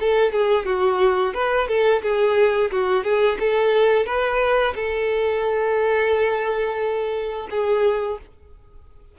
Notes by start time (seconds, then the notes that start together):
0.00 A4
0.32 G#4
0.66 F#4
1.34 B4
1.68 A4
2.02 G#4
2.71 F#4
3.04 G#4
3.40 A4
4.06 B4
4.75 A4
7.50 G#4